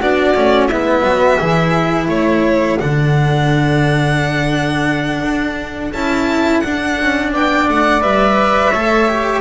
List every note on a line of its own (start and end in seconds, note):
0.00 0.35 B3
0.00 0.35 D4
0.00 0.68 F#4
0.00 0.67 D5
0.35 0.71 A3
0.35 0.70 C#4
0.67 1.03 G#3
0.67 1.40 B3
0.67 1.03 E4
0.67 2.07 E5
1.03 1.38 F#3
1.03 1.38 F#4
1.40 2.08 E3
1.40 2.79 E4
1.40 2.09 G#4
2.08 2.78 A3
2.08 7.32 A4
2.08 2.79 C#5
2.79 5.22 D3
2.79 5.93 D4
2.79 5.93 F#5
5.22 5.92 D4
5.92 6.62 C#4
5.92 6.64 E4
5.92 6.60 A5
6.60 6.99 D4
6.60 8.01 D4
6.60 7.30 F#5
7.00 7.33 C#4
7.32 7.68 B3
7.32 8.71 D5
7.32 7.69 G5
7.68 8.03 A3
7.68 8.02 F#5
8.01 8.73 G3
8.01 8.71 B4
8.01 9.41 E5
8.71 9.41 A3
8.71 9.09 A4
8.71 9.41 C#5
9.09 9.41 G4